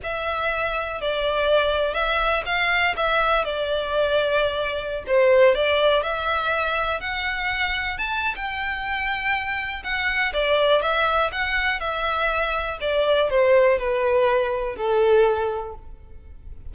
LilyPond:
\new Staff \with { instrumentName = "violin" } { \time 4/4 \tempo 4 = 122 e''2 d''2 | e''4 f''4 e''4 d''4~ | d''2~ d''16 c''4 d''8.~ | d''16 e''2 fis''4.~ fis''16~ |
fis''16 a''8. g''2. | fis''4 d''4 e''4 fis''4 | e''2 d''4 c''4 | b'2 a'2 | }